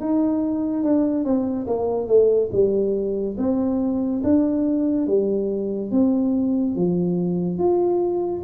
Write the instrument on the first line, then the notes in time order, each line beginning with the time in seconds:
tuba
0.00 D#4
0.83 D4
1.24 C4
1.67 A#3
2.07 A3
2.52 G3
3.37 C4
4.23 D4
5.07 G3
5.91 C4
6.75 F3
7.58 F4